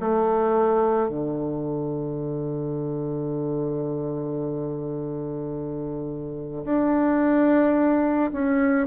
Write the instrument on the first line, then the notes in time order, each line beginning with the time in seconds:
bassoon
0.00 A3
1.09 D3
6.65 D4
8.32 C#4